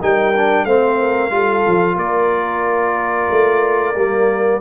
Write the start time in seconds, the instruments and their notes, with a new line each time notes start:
0.00 tuba G3, trombone D#4, horn A#4, trumpet G5
0.36 trombone D4
0.65 tuba A3, trombone C4, horn C5, trumpet F5
0.99 horn A#4
1.30 tuba G3, trombone F4, horn A4
1.67 tuba F3
1.96 tuba A#3, horn A#4, trumpet D5
3.30 tuba A3
3.95 tuba G3, trombone A#3